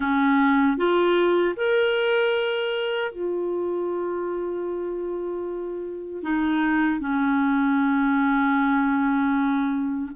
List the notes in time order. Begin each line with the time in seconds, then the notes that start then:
0.00 C#4
0.77 F4
1.56 A#4
3.12 F4
6.23 D#4
7.00 C#4